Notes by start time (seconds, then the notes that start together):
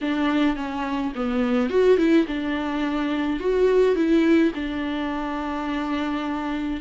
0.01 D4
0.56 C#4
1.15 B3
1.69 F#4
1.97 E4
2.27 D4
3.39 F#4
3.95 E4
4.54 D4